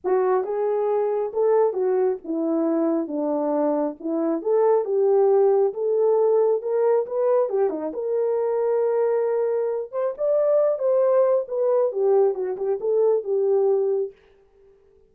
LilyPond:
\new Staff \with { instrumentName = "horn" } { \time 4/4 \tempo 4 = 136 fis'4 gis'2 a'4 | fis'4 e'2 d'4~ | d'4 e'4 a'4 g'4~ | g'4 a'2 ais'4 |
b'4 g'8 dis'8 ais'2~ | ais'2~ ais'8 c''8 d''4~ | d''8 c''4. b'4 g'4 | fis'8 g'8 a'4 g'2 | }